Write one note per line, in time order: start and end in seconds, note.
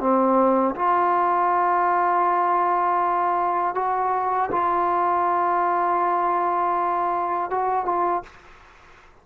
0.00 0.75 C4
0.75 3.75 F4
3.75 4.50 F#4
4.52 7.51 F4
7.51 7.85 F#4
7.85 8.23 F4